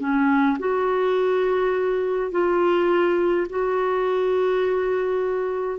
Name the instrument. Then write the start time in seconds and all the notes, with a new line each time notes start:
clarinet
0.00 C#4
0.59 F#4
2.32 F4
3.50 F#4